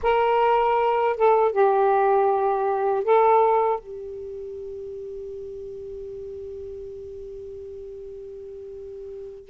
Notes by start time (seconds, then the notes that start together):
0.02 A#4
1.16 A4
1.52 G4
3.04 A4
3.79 G4